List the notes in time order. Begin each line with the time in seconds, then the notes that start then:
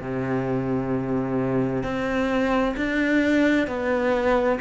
0.00 C3
1.83 C4
2.77 D4
3.67 B3